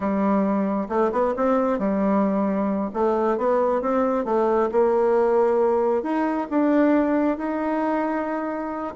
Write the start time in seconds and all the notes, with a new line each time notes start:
0.00 G3
0.88 A3
1.12 B3
1.36 C4
1.78 G3
2.93 A3
3.37 B3
3.81 C4
4.24 A3
4.71 A#3
6.02 D#4
6.50 D4
7.37 D#4